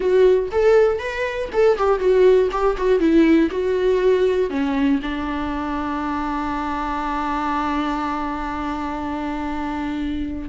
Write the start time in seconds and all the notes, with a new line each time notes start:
0.00 F#4
0.51 A4
0.98 B4
1.52 A4
1.77 G4
1.99 F#4
2.51 G4
2.77 F#4
2.99 E4
3.50 F#4
4.50 C#4
5.02 D4